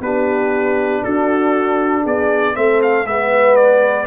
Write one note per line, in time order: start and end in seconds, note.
0.00 1.02 B3
0.00 2.53 D4
0.00 1.04 G4
0.00 1.04 B4
1.04 2.05 D4
1.04 2.02 F#4
1.04 2.05 A4
2.02 2.56 B3
2.02 2.53 G#4
2.02 2.56 D5
2.53 3.06 A3
2.53 3.04 C4
2.53 3.07 A4
2.53 2.81 E5
2.82 3.06 F5
3.06 4.07 G#3
3.06 4.07 B3
3.06 4.07 B4
3.06 3.56 E5
3.56 4.07 D5